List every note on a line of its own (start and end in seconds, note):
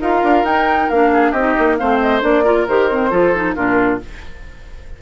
0.00 0.22 D#4
0.00 0.46 F4
0.00 1.12 A#4
0.00 0.45 F5
0.23 0.43 D4
0.43 0.88 D#4
0.43 0.92 D#4
0.43 0.89 G5
0.89 1.32 A#3
0.89 1.36 D4
0.89 1.32 F5
1.13 1.31 G#4
1.31 1.55 C4
1.31 1.76 G4
1.31 1.77 D#5
1.38 1.79 D#4
1.58 1.81 A#3
1.77 2.22 A3
1.77 2.21 C4
1.77 2.44 C5
1.77 1.99 F5
2.00 2.23 D#5
2.21 2.67 A#3
2.21 2.43 D4
2.21 2.67 D5
2.44 2.67 F4
2.44 3.10 A#4
2.68 3.11 D#3
2.68 2.91 G4
2.68 3.55 C5
2.91 3.11 C4
3.10 3.55 F3
3.10 3.33 F4
3.10 3.55 A4
3.35 3.55 D#4
3.55 4.02 A#2
3.55 4.00 D4
3.55 4.00 F4
3.55 3.99 A#4